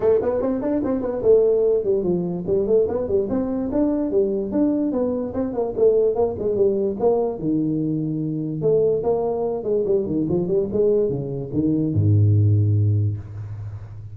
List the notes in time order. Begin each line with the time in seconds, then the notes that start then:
0.00 A3
0.22 B3
0.41 C4
0.61 D4
0.83 C4
1.01 B3
1.22 A3
1.84 G3
2.03 F3
2.46 G3
2.66 A3
2.88 B3
3.07 G3
3.29 C4
3.72 D4
4.11 G3
4.51 D4
4.92 B3
5.33 C4
5.53 A#3
5.76 A3
6.15 A#3
6.38 G#3
6.55 G3
6.99 A#3
7.38 D#3
8.61 A3
9.03 A#3
9.63 G#3
9.85 G3
10.06 D#3
10.29 F3
10.47 G3
10.72 G#3
11.09 C#3
11.53 D#3
11.94 G#2